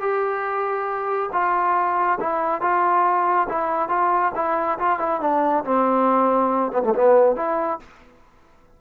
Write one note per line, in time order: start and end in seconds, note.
0.00 1.29 G4
1.32 2.19 F4
2.20 2.61 E4
2.61 3.47 F4
3.49 3.88 E4
3.88 4.32 F4
4.35 4.78 E4
4.79 4.99 F4
4.99 5.21 E4
5.21 5.64 D4
5.64 6.72 C4
6.72 6.82 B3
6.83 6.94 A3
6.95 7.36 B3
7.36 7.79 E4